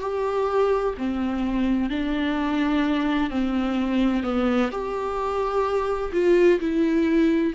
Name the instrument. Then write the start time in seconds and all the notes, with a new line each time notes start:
viola
0.00 G4
0.97 C4
1.90 D4
3.30 C4
4.22 B3
4.71 G4
6.12 F4
6.59 E4